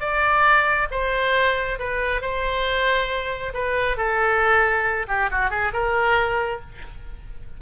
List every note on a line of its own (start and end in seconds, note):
0.00 0.88 D5
0.91 1.78 C5
1.79 2.21 B4
2.21 3.53 C5
3.54 3.97 B4
3.97 5.06 A4
5.08 5.30 G4
5.31 5.50 F#4
5.50 5.72 G#4
5.73 6.61 A#4